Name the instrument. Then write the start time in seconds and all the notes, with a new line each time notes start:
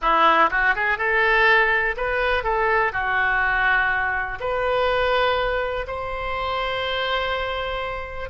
oboe
0.01 E4
0.50 F#4
0.75 G#4
0.98 A4
1.96 B4
2.43 A4
2.92 F#4
4.40 B4
5.87 C5